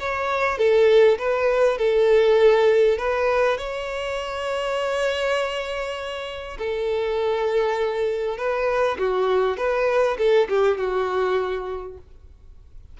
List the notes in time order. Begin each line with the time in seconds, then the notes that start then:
0.00 C#5
0.58 A4
1.19 B4
1.78 A4
2.98 B4
3.58 C#5
6.59 A4
8.38 B4
8.99 F#4
9.57 B4
10.18 A4
10.49 G4
10.78 F#4